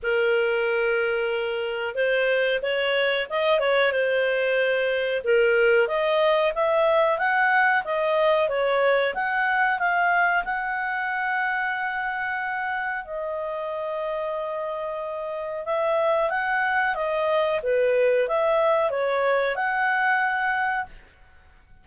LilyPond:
\new Staff \with { instrumentName = "clarinet" } { \time 4/4 \tempo 4 = 92 ais'2. c''4 | cis''4 dis''8 cis''8 c''2 | ais'4 dis''4 e''4 fis''4 | dis''4 cis''4 fis''4 f''4 |
fis''1 | dis''1 | e''4 fis''4 dis''4 b'4 | e''4 cis''4 fis''2 | }